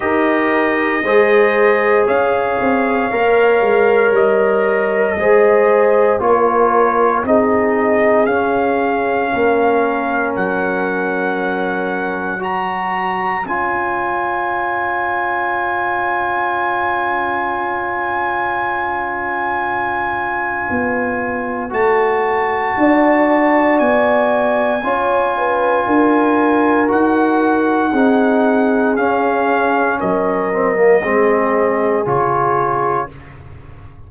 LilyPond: <<
  \new Staff \with { instrumentName = "trumpet" } { \time 4/4 \tempo 4 = 58 dis''2 f''2 | dis''2 cis''4 dis''4 | f''2 fis''2 | ais''4 gis''2.~ |
gis''1~ | gis''4 a''2 gis''4~ | gis''2 fis''2 | f''4 dis''2 cis''4 | }
  \new Staff \with { instrumentName = "horn" } { \time 4/4 ais'4 c''4 cis''2~ | cis''4 c''4 ais'4 gis'4~ | gis'4 ais'2. | cis''1~ |
cis''1~ | cis''2 d''2 | cis''8 b'8 ais'2 gis'4~ | gis'4 ais'4 gis'2 | }
  \new Staff \with { instrumentName = "trombone" } { \time 4/4 g'4 gis'2 ais'4~ | ais'4 gis'4 f'4 dis'4 | cis'1 | fis'4 f'2.~ |
f'1~ | f'4 fis'2. | f'2 fis'4 dis'4 | cis'4. c'16 ais16 c'4 f'4 | }
  \new Staff \with { instrumentName = "tuba" } { \time 4/4 dis'4 gis4 cis'8 c'8 ais8 gis8 | g4 gis4 ais4 c'4 | cis'4 ais4 fis2~ | fis4 cis'2.~ |
cis'1 | b4 a4 d'4 b4 | cis'4 d'4 dis'4 c'4 | cis'4 fis4 gis4 cis4 | }
>>